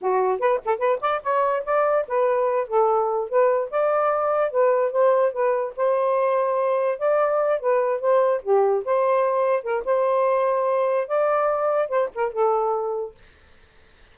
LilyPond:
\new Staff \with { instrumentName = "saxophone" } { \time 4/4 \tempo 4 = 146 fis'4 b'8 a'8 b'8 d''8 cis''4 | d''4 b'4. a'4. | b'4 d''2 b'4 | c''4 b'4 c''2~ |
c''4 d''4. b'4 c''8~ | c''8 g'4 c''2 ais'8 | c''2. d''4~ | d''4 c''8 ais'8 a'2 | }